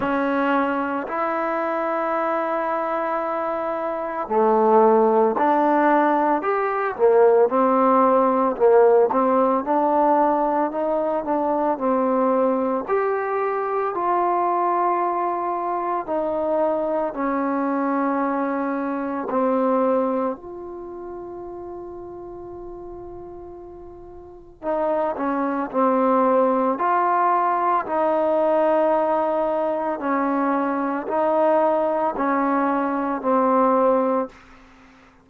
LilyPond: \new Staff \with { instrumentName = "trombone" } { \time 4/4 \tempo 4 = 56 cis'4 e'2. | a4 d'4 g'8 ais8 c'4 | ais8 c'8 d'4 dis'8 d'8 c'4 | g'4 f'2 dis'4 |
cis'2 c'4 f'4~ | f'2. dis'8 cis'8 | c'4 f'4 dis'2 | cis'4 dis'4 cis'4 c'4 | }